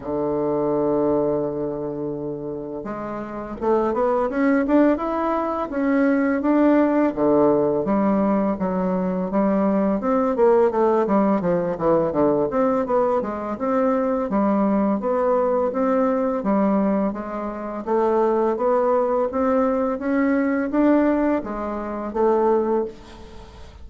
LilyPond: \new Staff \with { instrumentName = "bassoon" } { \time 4/4 \tempo 4 = 84 d1 | gis4 a8 b8 cis'8 d'8 e'4 | cis'4 d'4 d4 g4 | fis4 g4 c'8 ais8 a8 g8 |
f8 e8 d8 c'8 b8 gis8 c'4 | g4 b4 c'4 g4 | gis4 a4 b4 c'4 | cis'4 d'4 gis4 a4 | }